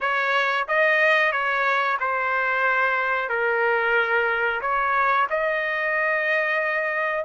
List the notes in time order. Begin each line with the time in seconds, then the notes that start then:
0.00 C#5
0.67 D#5
1.32 C#5
2.00 C5
3.29 A#4
4.61 C#5
5.30 D#5